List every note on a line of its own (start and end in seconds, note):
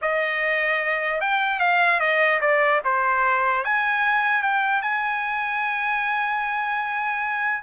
0.01 1.20 D#5
1.20 1.59 G5
1.59 2.00 F5
2.00 2.40 D#5
2.40 2.81 D5
2.84 3.64 C5
3.64 4.42 G#5
4.42 4.82 G5
4.82 7.63 G#5